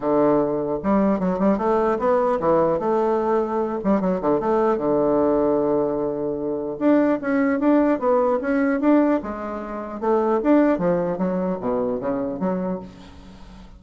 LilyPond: \new Staff \with { instrumentName = "bassoon" } { \time 4/4 \tempo 4 = 150 d2 g4 fis8 g8 | a4 b4 e4 a4~ | a4. g8 fis8 d8 a4 | d1~ |
d4 d'4 cis'4 d'4 | b4 cis'4 d'4 gis4~ | gis4 a4 d'4 f4 | fis4 b,4 cis4 fis4 | }